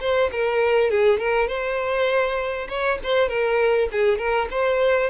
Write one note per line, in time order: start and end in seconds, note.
0.00 0.30 C5
0.32 0.90 A#4
0.90 1.19 G#4
1.19 1.48 A#4
1.48 2.68 C5
2.68 2.98 C#5
3.03 3.28 C5
3.28 3.88 A#4
3.92 4.18 G#4
4.18 4.48 A#4
4.50 5.10 C5